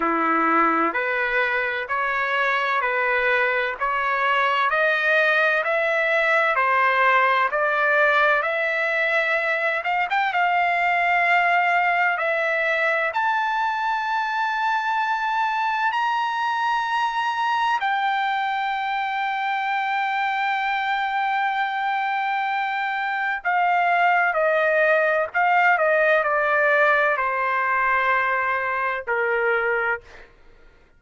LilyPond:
\new Staff \with { instrumentName = "trumpet" } { \time 4/4 \tempo 4 = 64 e'4 b'4 cis''4 b'4 | cis''4 dis''4 e''4 c''4 | d''4 e''4. f''16 g''16 f''4~ | f''4 e''4 a''2~ |
a''4 ais''2 g''4~ | g''1~ | g''4 f''4 dis''4 f''8 dis''8 | d''4 c''2 ais'4 | }